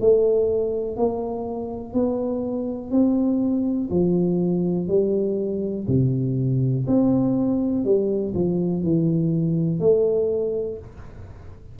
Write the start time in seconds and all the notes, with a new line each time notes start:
0.00 A3
0.97 A#3
1.94 B3
2.91 C4
3.90 F3
4.88 G3
5.87 C3
6.87 C4
7.84 G3
8.34 F3
8.83 E3
9.80 A3